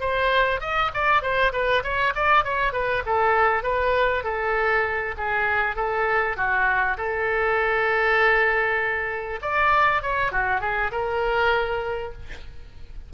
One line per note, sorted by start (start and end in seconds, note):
0.00 0.61 C5
0.61 0.91 D#5
0.94 1.22 D5
1.22 1.52 C5
1.52 1.83 B4
1.83 2.13 C#5
2.15 2.44 D5
2.44 2.73 C#5
2.73 3.03 B4
3.06 3.63 A4
3.63 4.24 B4
4.24 5.15 A4
5.17 5.76 G#4
5.76 6.36 A4
6.36 6.97 F#4
6.97 9.40 A4
9.42 10.02 D5
10.02 10.31 C#5
10.31 10.61 F#4
10.61 10.91 G#4
10.91 12.12 A#4